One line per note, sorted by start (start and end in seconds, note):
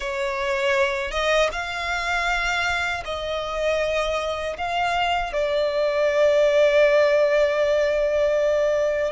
0.00 1.11 C#5
1.11 1.49 D#5
1.52 3.03 F5
3.04 4.56 D#5
4.57 5.32 F5
5.32 9.11 D5